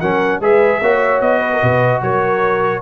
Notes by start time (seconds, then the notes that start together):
0.00 F#3 C#4 A#4 F#5
0.40 G#3 G#4 B4 E5
0.81 A#3 F#4 C#5
1.21 B3 D#5
1.39 B4
1.53 A#4
1.62 B2 B4
2.02 F#3 A#4 C#5